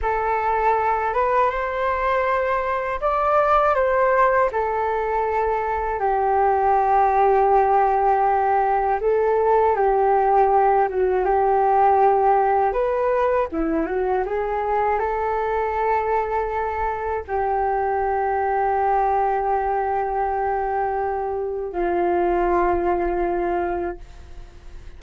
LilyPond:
\new Staff \with { instrumentName = "flute" } { \time 4/4 \tempo 4 = 80 a'4. b'8 c''2 | d''4 c''4 a'2 | g'1 | a'4 g'4. fis'8 g'4~ |
g'4 b'4 e'8 fis'8 gis'4 | a'2. g'4~ | g'1~ | g'4 f'2. | }